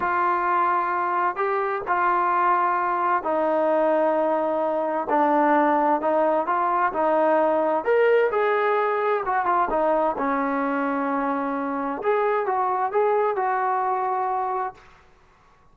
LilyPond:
\new Staff \with { instrumentName = "trombone" } { \time 4/4 \tempo 4 = 130 f'2. g'4 | f'2. dis'4~ | dis'2. d'4~ | d'4 dis'4 f'4 dis'4~ |
dis'4 ais'4 gis'2 | fis'8 f'8 dis'4 cis'2~ | cis'2 gis'4 fis'4 | gis'4 fis'2. | }